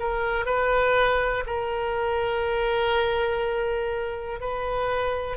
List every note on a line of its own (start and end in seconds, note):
0.00 0.46 A#4
0.46 1.44 B4
1.47 4.41 A#4
4.41 5.37 B4